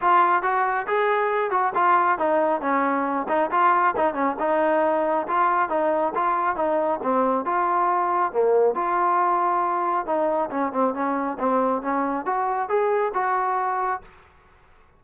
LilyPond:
\new Staff \with { instrumentName = "trombone" } { \time 4/4 \tempo 4 = 137 f'4 fis'4 gis'4. fis'8 | f'4 dis'4 cis'4. dis'8 | f'4 dis'8 cis'8 dis'2 | f'4 dis'4 f'4 dis'4 |
c'4 f'2 ais4 | f'2. dis'4 | cis'8 c'8 cis'4 c'4 cis'4 | fis'4 gis'4 fis'2 | }